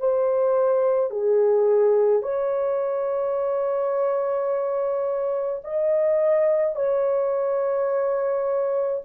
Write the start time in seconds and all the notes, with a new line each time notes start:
0.00 C5
1.11 G#4
2.22 C#5
5.64 D#5
6.76 C#5